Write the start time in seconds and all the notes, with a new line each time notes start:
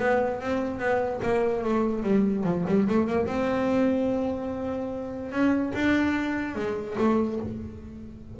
0.00 B3
0.41 C4
0.79 B3
1.23 A#3
1.64 A3
2.03 G3
2.45 F3
2.68 G3
2.89 A3
3.08 A#3
3.27 C4
5.32 C#4
5.75 D4
6.56 G#3
6.99 A3